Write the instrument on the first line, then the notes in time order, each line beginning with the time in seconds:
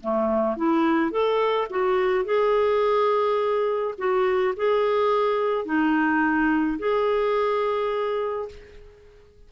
clarinet
0.00 A3
0.56 E4
1.11 A4
1.70 F#4
2.24 G#4
3.98 F#4
4.56 G#4
5.65 D#4
6.78 G#4